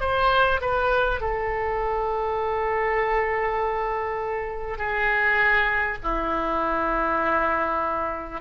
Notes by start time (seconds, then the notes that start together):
0.00 C5
0.61 B4
1.21 A4
4.77 G#4
6.03 E4